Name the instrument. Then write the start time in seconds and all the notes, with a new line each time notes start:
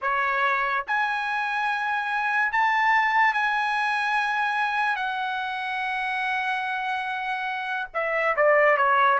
trumpet
0.02 C#5
0.87 G#5
2.52 A5
3.33 G#5
4.95 F#5
7.94 E5
8.36 D5
8.77 C#5